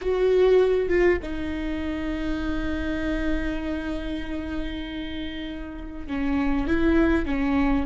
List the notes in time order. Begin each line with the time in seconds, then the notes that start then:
0.01 F#4
0.88 F4
1.22 D#4
6.07 C#4
6.67 E4
7.25 C#4